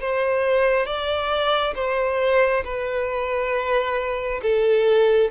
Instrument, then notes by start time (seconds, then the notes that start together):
violin
0.00 C5
0.85 D5
1.75 C5
2.64 B4
4.42 A4